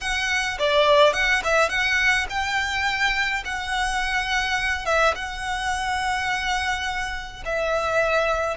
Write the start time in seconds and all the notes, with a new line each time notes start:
0.01 F#5
0.58 D5
1.13 F#5
1.44 E5
1.69 F#5
2.29 G5
3.44 F#5
4.85 E5
5.15 F#5
7.45 E5